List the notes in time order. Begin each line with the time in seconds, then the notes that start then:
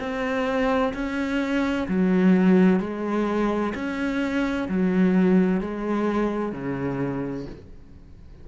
0.00 C4
0.94 C#4
1.88 F#3
2.80 G#3
3.75 C#4
4.69 F#3
5.60 G#3
6.52 C#3